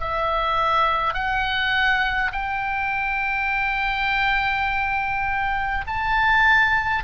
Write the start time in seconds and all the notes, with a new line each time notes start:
0.00 E5
1.13 F#5
2.32 G5
5.87 A5